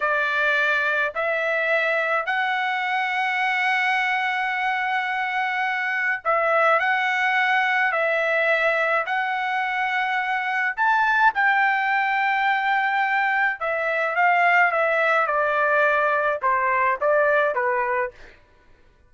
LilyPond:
\new Staff \with { instrumentName = "trumpet" } { \time 4/4 \tempo 4 = 106 d''2 e''2 | fis''1~ | fis''2. e''4 | fis''2 e''2 |
fis''2. a''4 | g''1 | e''4 f''4 e''4 d''4~ | d''4 c''4 d''4 b'4 | }